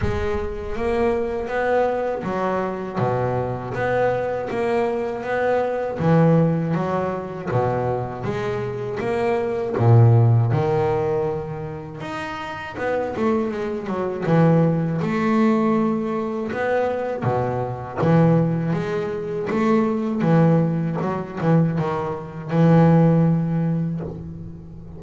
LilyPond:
\new Staff \with { instrumentName = "double bass" } { \time 4/4 \tempo 4 = 80 gis4 ais4 b4 fis4 | b,4 b4 ais4 b4 | e4 fis4 b,4 gis4 | ais4 ais,4 dis2 |
dis'4 b8 a8 gis8 fis8 e4 | a2 b4 b,4 | e4 gis4 a4 e4 | fis8 e8 dis4 e2 | }